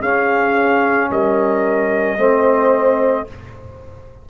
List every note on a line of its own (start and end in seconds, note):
0.00 1.10 C#4
0.00 2.18 C#4
0.00 1.09 G#4
0.00 1.11 F5
1.11 2.17 G3
1.11 2.19 A#4
1.11 3.30 D#5
2.17 3.26 A3
2.17 3.27 C4
2.17 3.28 C5